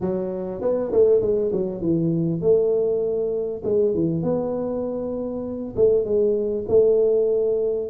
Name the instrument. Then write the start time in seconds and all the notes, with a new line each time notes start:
tuba
0.00 F#3
0.61 B3
0.92 A3
1.21 G#3
1.52 F#3
1.81 E3
2.41 A3
3.64 G#3
3.94 E3
4.23 B3
5.75 A3
6.04 G#3
6.68 A3